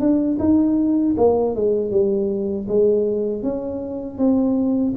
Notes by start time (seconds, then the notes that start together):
0.00 D4
0.39 D#4
1.17 A#3
1.56 G#3
1.91 G3
2.68 G#3
3.43 C#4
4.18 C4